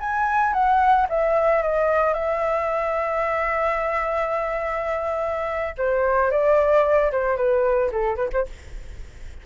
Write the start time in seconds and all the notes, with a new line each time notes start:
0.00 G#5
0.53 F#5
1.09 E5
1.63 D#5
2.14 E5
5.78 C5
6.31 D5
7.12 C5
7.37 B4
7.91 A4
8.16 B4
8.33 C5